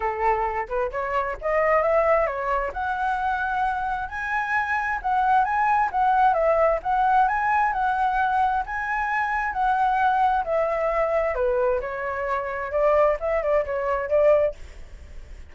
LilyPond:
\new Staff \with { instrumentName = "flute" } { \time 4/4 \tempo 4 = 132 a'4. b'8 cis''4 dis''4 | e''4 cis''4 fis''2~ | fis''4 gis''2 fis''4 | gis''4 fis''4 e''4 fis''4 |
gis''4 fis''2 gis''4~ | gis''4 fis''2 e''4~ | e''4 b'4 cis''2 | d''4 e''8 d''8 cis''4 d''4 | }